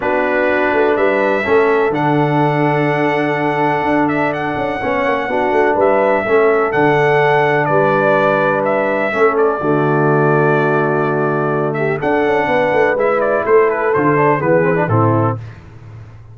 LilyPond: <<
  \new Staff \with { instrumentName = "trumpet" } { \time 4/4 \tempo 4 = 125 b'2 e''2 | fis''1~ | fis''8 e''8 fis''2. | e''2 fis''2 |
d''2 e''4. d''8~ | d''1~ | d''8 e''8 fis''2 e''8 d''8 | c''8 b'8 c''4 b'4 a'4 | }
  \new Staff \with { instrumentName = "horn" } { \time 4/4 fis'2 b'4 a'4~ | a'1~ | a'2 cis''4 fis'4 | b'4 a'2. |
b'2. a'4 | fis'1~ | fis'8 g'8 a'4 b'2 | a'2 gis'4 e'4 | }
  \new Staff \with { instrumentName = "trombone" } { \time 4/4 d'2. cis'4 | d'1~ | d'2 cis'4 d'4~ | d'4 cis'4 d'2~ |
d'2. cis'4 | a1~ | a4 d'2 e'4~ | e'4 f'8 d'8 b8 c'16 d'16 c'4 | }
  \new Staff \with { instrumentName = "tuba" } { \time 4/4 b4. a8 g4 a4 | d1 | d'4. cis'8 b8 ais8 b8 a8 | g4 a4 d2 |
g2. a4 | d1~ | d4 d'8 cis'8 b8 a8 gis4 | a4 d4 e4 a,4 | }
>>